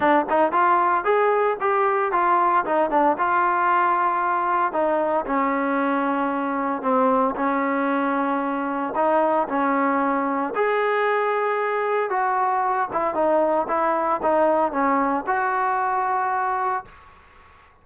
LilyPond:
\new Staff \with { instrumentName = "trombone" } { \time 4/4 \tempo 4 = 114 d'8 dis'8 f'4 gis'4 g'4 | f'4 dis'8 d'8 f'2~ | f'4 dis'4 cis'2~ | cis'4 c'4 cis'2~ |
cis'4 dis'4 cis'2 | gis'2. fis'4~ | fis'8 e'8 dis'4 e'4 dis'4 | cis'4 fis'2. | }